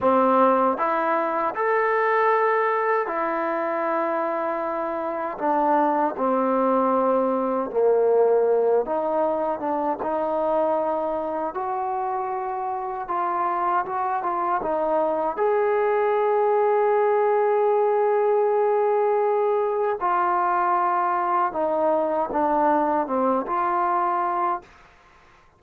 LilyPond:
\new Staff \with { instrumentName = "trombone" } { \time 4/4 \tempo 4 = 78 c'4 e'4 a'2 | e'2. d'4 | c'2 ais4. dis'8~ | dis'8 d'8 dis'2 fis'4~ |
fis'4 f'4 fis'8 f'8 dis'4 | gis'1~ | gis'2 f'2 | dis'4 d'4 c'8 f'4. | }